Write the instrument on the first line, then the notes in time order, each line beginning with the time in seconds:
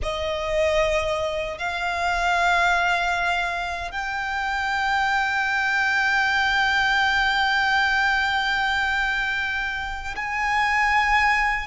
violin
0.02 D#5
1.58 F5
3.91 G5
10.15 G#5